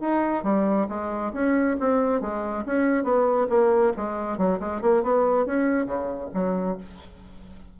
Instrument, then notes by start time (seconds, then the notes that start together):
bassoon
0.00 D#4
0.43 G3
0.89 G#3
1.33 C#4
1.79 C4
2.21 G#3
2.66 C#4
3.04 B3
3.49 A#3
3.96 G#3
4.38 F#3
4.59 G#3
4.81 A#3
5.03 B3
5.46 C#4
5.86 C#3
6.34 F#3